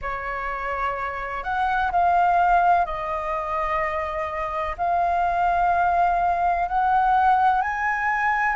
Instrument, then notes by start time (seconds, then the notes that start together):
flute
0.01 C#5
1.43 F#5
1.91 F5
2.85 D#5
4.77 F5
6.68 F#5
7.61 G#5